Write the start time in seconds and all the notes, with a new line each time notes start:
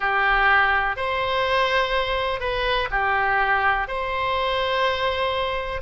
0.00 G4
0.96 C5
2.39 B4
2.90 G4
3.87 C5